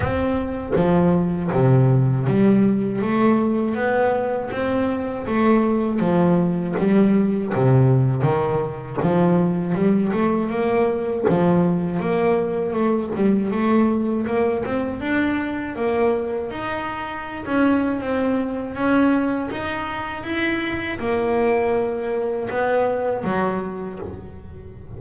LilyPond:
\new Staff \with { instrumentName = "double bass" } { \time 4/4 \tempo 4 = 80 c'4 f4 c4 g4 | a4 b4 c'4 a4 | f4 g4 c4 dis4 | f4 g8 a8 ais4 f4 |
ais4 a8 g8 a4 ais8 c'8 | d'4 ais4 dis'4~ dis'16 cis'8. | c'4 cis'4 dis'4 e'4 | ais2 b4 fis4 | }